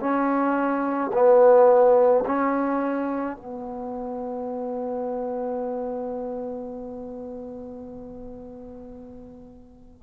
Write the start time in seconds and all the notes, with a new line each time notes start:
0.00 C#4
1.13 B3
2.25 C#4
3.36 B3